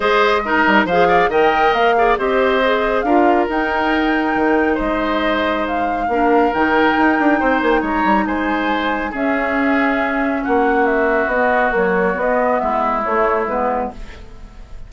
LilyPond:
<<
  \new Staff \with { instrumentName = "flute" } { \time 4/4 \tempo 4 = 138 dis''2 f''4 g''4 | f''4 dis''2 f''4 | g''2. dis''4~ | dis''4 f''2 g''4~ |
g''4. gis''16 g''16 ais''4 gis''4~ | gis''4 e''2. | fis''4 e''4 dis''4 cis''4 | dis''4 e''4 cis''4 b'4 | }
  \new Staff \with { instrumentName = "oboe" } { \time 4/4 c''4 ais'4 c''8 d''8 dis''4~ | dis''8 d''8 c''2 ais'4~ | ais'2. c''4~ | c''2 ais'2~ |
ais'4 c''4 cis''4 c''4~ | c''4 gis'2. | fis'1~ | fis'4 e'2. | }
  \new Staff \with { instrumentName = "clarinet" } { \time 4/4 gis'4 dis'4 gis'4 ais'4~ | ais'8 gis'8 g'4 gis'4 f'4 | dis'1~ | dis'2 d'4 dis'4~ |
dis'1~ | dis'4 cis'2.~ | cis'2 b4 fis4 | b2 a4 b4 | }
  \new Staff \with { instrumentName = "bassoon" } { \time 4/4 gis4. g8 f4 dis4 | ais4 c'2 d'4 | dis'2 dis4 gis4~ | gis2 ais4 dis4 |
dis'8 d'8 c'8 ais8 gis8 g8 gis4~ | gis4 cis'2. | ais2 b4 ais4 | b4 gis4 a4 gis4 | }
>>